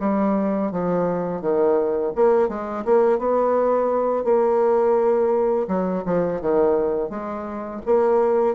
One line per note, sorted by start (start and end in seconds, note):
0.00 0.71 G3
0.71 1.41 F3
1.41 2.13 D#3
2.16 2.49 A#3
2.49 2.84 G#3
2.85 3.19 A#3
3.19 4.24 B3
4.24 5.67 A#3
5.68 6.04 F#3
6.06 6.41 F3
6.41 7.10 D#3
7.10 7.81 G#3
7.86 8.55 A#3